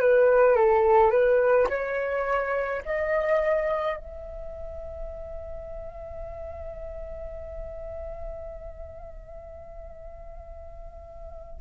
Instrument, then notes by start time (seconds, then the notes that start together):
flute
0.00 B4
0.56 A4
1.11 B4
1.69 C#5
2.85 D#5
3.97 E5